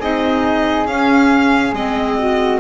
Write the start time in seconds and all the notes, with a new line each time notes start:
0.00 C4 D#4 G#4 D#5
0.86 C#4 F5
1.73 G#3 C4 D#5
2.18 F#4